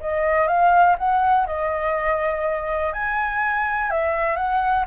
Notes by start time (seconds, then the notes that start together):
0.00 D#5
0.47 F5
0.98 F#5
1.47 D#5
2.93 G#5
3.90 E5
4.36 F#5